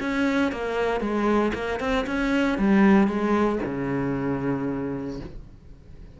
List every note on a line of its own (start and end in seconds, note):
0.00 0.51 C#4
0.51 1.00 A#3
1.00 1.52 G#3
1.54 1.79 A#3
1.79 2.05 C4
2.06 2.58 C#4
2.58 3.07 G3
3.07 3.59 G#3
3.65 5.20 C#3